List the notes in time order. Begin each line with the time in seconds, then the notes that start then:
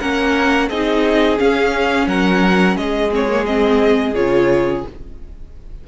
0.00 A#3 C#4 A#4 F#5
0.69 C4 D#4 G#4 D#5
1.37 C#4 F5
2.07 F#3 A#4 F#5
2.76 G#3 G#4 D#5
3.11 C4 C#5
3.29 A#3
3.46 C4 D#5
4.15 C#3 F4 C#5